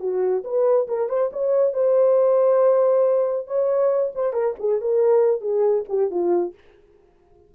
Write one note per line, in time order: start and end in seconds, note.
0.00 0.43 F#4
0.44 0.88 B4
0.88 1.09 A#4
1.09 1.31 C5
1.33 1.74 C#5
1.74 3.47 C5
3.47 4.12 C#5
4.15 4.33 C5
4.33 4.55 A#4
4.60 4.81 G#4
4.81 5.41 A#4
5.41 5.85 G#4
5.89 6.11 G4
6.11 6.54 F4